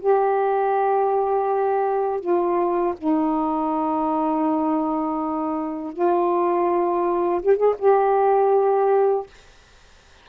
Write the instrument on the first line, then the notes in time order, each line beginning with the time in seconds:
saxophone
0.00 G4
2.20 F4
2.98 D#4
5.93 F4
7.42 G4
7.57 G#4
7.79 G4